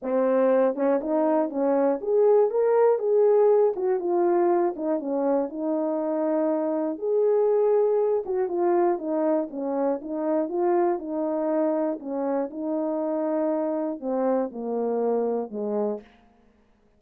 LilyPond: \new Staff \with { instrumentName = "horn" } { \time 4/4 \tempo 4 = 120 c'4. cis'8 dis'4 cis'4 | gis'4 ais'4 gis'4. fis'8 | f'4. dis'8 cis'4 dis'4~ | dis'2 gis'2~ |
gis'8 fis'8 f'4 dis'4 cis'4 | dis'4 f'4 dis'2 | cis'4 dis'2. | c'4 ais2 gis4 | }